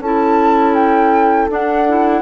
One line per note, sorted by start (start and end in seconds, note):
0.00 1.48 C#4
0.00 1.50 E4
0.00 2.23 A4
0.00 0.75 A5
0.75 1.49 G5
1.50 2.23 D4
1.50 1.87 D4
1.50 2.23 F#5
1.88 2.23 E4